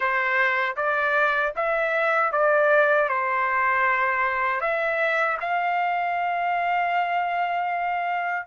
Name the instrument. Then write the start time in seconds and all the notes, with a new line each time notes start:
trumpet
0.00 C5
0.76 D5
1.56 E5
2.31 D5
3.08 C5
4.60 E5
5.40 F5